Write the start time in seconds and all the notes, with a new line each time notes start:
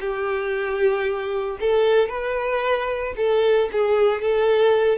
0.00 G4
1.60 A4
2.08 B4
3.17 A4
3.72 G#4
4.21 A4